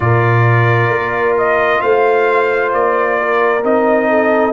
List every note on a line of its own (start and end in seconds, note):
0.00 0.89 A#2
0.00 3.61 F4
0.00 1.81 A#4
0.00 1.36 D5
0.89 1.80 A#3
1.37 1.81 D#5
1.81 2.73 A3
1.81 3.17 C5
1.81 2.72 F5
2.73 3.63 A#3
2.73 3.64 D5
3.19 4.09 A#4
3.63 4.53 C4
3.63 4.53 D#4
3.63 4.53 D#5
4.09 4.53 A4